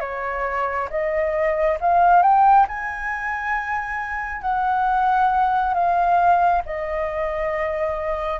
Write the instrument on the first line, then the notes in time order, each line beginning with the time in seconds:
flute
0.00 C#5
0.89 D#5
1.80 F5
2.22 G5
2.68 G#5
4.42 F#5
5.74 F5
6.65 D#5